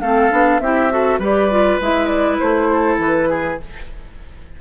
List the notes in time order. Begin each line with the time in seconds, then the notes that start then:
0.00 A3 C4 A4 F5
0.30 B3 D4
0.59 C4 E4 G4 E5
0.90 F#4 A4
1.18 G3 G4 B4 D5
1.50 F4
1.80 G#3 E4 E5
2.07 D5
2.39 A3 C5
2.72 A4
2.97 E3 B4
3.29 G#4